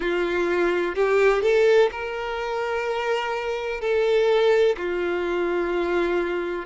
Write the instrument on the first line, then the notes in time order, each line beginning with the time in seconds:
violin
0.00 F4
0.95 G4
1.42 A4
1.91 A#4
3.81 A4
4.77 F4